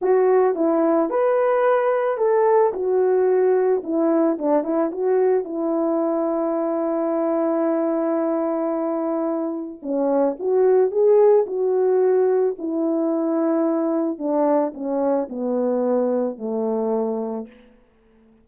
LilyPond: \new Staff \with { instrumentName = "horn" } { \time 4/4 \tempo 4 = 110 fis'4 e'4 b'2 | a'4 fis'2 e'4 | d'8 e'8 fis'4 e'2~ | e'1~ |
e'2 cis'4 fis'4 | gis'4 fis'2 e'4~ | e'2 d'4 cis'4 | b2 a2 | }